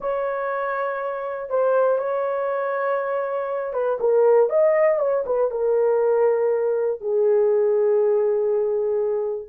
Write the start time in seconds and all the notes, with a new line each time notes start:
0.00 C#5
1.49 C5
1.98 C#5
3.73 B4
4.00 A#4
4.49 D#5
4.99 C#5
5.25 B4
5.50 A#4
7.00 G#4